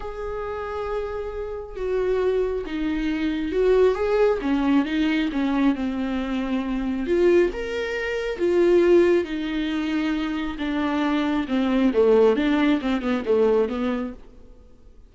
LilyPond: \new Staff \with { instrumentName = "viola" } { \time 4/4 \tempo 4 = 136 gis'1 | fis'2 dis'2 | fis'4 gis'4 cis'4 dis'4 | cis'4 c'2. |
f'4 ais'2 f'4~ | f'4 dis'2. | d'2 c'4 a4 | d'4 c'8 b8 a4 b4 | }